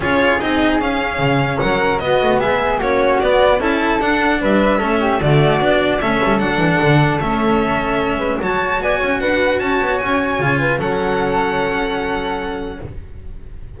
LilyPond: <<
  \new Staff \with { instrumentName = "violin" } { \time 4/4 \tempo 4 = 150 cis''4 dis''4 f''2 | fis''4 dis''4 e''4 cis''4 | d''4 a''4 fis''4 e''4~ | e''4 d''2 e''4 |
fis''2 e''2~ | e''4 a''4 gis''4 fis''4 | a''4 gis''2 fis''4~ | fis''1 | }
  \new Staff \with { instrumentName = "flute" } { \time 4/4 gis'1 | ais'4 fis'4 gis'4 fis'4~ | fis'4 a'2 b'4 | a'8 g'8 fis'2 a'4~ |
a'1~ | a'8 b'8 cis''4 d''8 cis''8 b'4 | cis''2~ cis''8 b'8 a'4~ | a'1 | }
  \new Staff \with { instrumentName = "cello" } { \time 4/4 f'4 dis'4 cis'2~ | cis'4 b2 cis'4 | b4 e'4 d'2 | cis'4 a4 d'4 cis'4 |
d'2 cis'2~ | cis'4 fis'2.~ | fis'2 f'4 cis'4~ | cis'1 | }
  \new Staff \with { instrumentName = "double bass" } { \time 4/4 cis'4 c'4 cis'4 cis4 | fis4 b8 a8 gis4 ais4 | b4 cis'4 d'4 g4 | a4 d4 b4 a8 g8 |
fis8 e8 d4 a2~ | a8 gis8 fis4 b8 cis'8 d'4 | cis'8 b8 cis'4 cis4 fis4~ | fis1 | }
>>